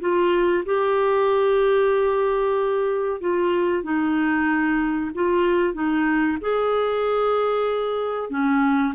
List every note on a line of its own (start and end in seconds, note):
0.00 0.64 F4
0.65 3.21 G4
3.21 3.83 F4
3.83 5.11 D#4
5.14 5.74 F4
5.74 6.38 D#4
6.41 8.30 G#4
8.30 8.94 C#4